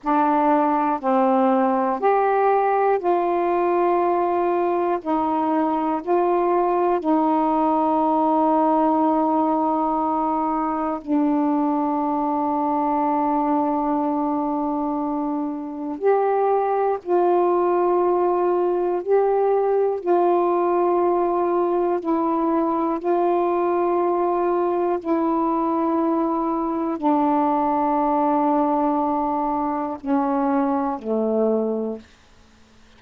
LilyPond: \new Staff \with { instrumentName = "saxophone" } { \time 4/4 \tempo 4 = 60 d'4 c'4 g'4 f'4~ | f'4 dis'4 f'4 dis'4~ | dis'2. d'4~ | d'1 |
g'4 f'2 g'4 | f'2 e'4 f'4~ | f'4 e'2 d'4~ | d'2 cis'4 a4 | }